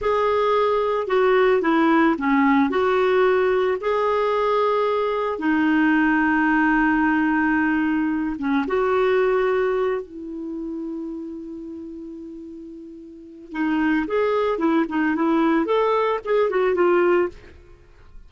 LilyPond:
\new Staff \with { instrumentName = "clarinet" } { \time 4/4 \tempo 4 = 111 gis'2 fis'4 e'4 | cis'4 fis'2 gis'4~ | gis'2 dis'2~ | dis'2.~ dis'8 cis'8 |
fis'2~ fis'8 e'4.~ | e'1~ | e'4 dis'4 gis'4 e'8 dis'8 | e'4 a'4 gis'8 fis'8 f'4 | }